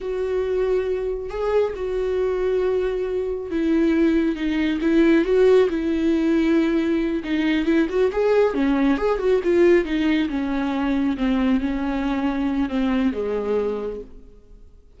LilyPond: \new Staff \with { instrumentName = "viola" } { \time 4/4 \tempo 4 = 137 fis'2. gis'4 | fis'1 | e'2 dis'4 e'4 | fis'4 e'2.~ |
e'8 dis'4 e'8 fis'8 gis'4 cis'8~ | cis'8 gis'8 fis'8 f'4 dis'4 cis'8~ | cis'4. c'4 cis'4.~ | cis'4 c'4 gis2 | }